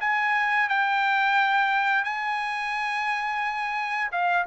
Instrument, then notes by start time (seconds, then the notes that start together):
trumpet
0.00 G#5
0.69 G5
2.04 G#5
4.12 F5